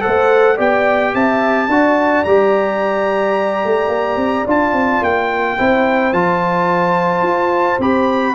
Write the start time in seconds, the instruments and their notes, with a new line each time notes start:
0.00 trombone A4, horn C5, trumpet F#5
0.07 tuba A3
0.57 tuba B3, trombone G4, horn D5, trumpet G5
1.14 tuba C4, horn E5, trumpet A5
1.68 tuba D4, trombone F#4, horn D5
2.25 tuba G3, trombone G4, trumpet A#5
3.65 tuba A3
3.89 tuba A#3
4.17 tuba C4
4.47 tuba D4, trombone F4, trumpet A5
4.73 tuba C4
5.02 tuba A#3, trumpet G5
5.57 tuba C4, trombone E4, horn C5
6.13 tuba F3, trombone F4, trumpet A5
7.23 tuba F4
7.79 tuba C4, trombone G4, trumpet B5